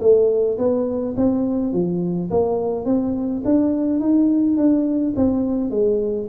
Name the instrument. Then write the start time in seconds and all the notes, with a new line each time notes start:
tuba
0.00 A3
0.58 B3
1.16 C4
1.72 F3
2.30 A#3
2.85 C4
3.44 D4
3.99 D#4
4.56 D4
5.16 C4
5.70 G#3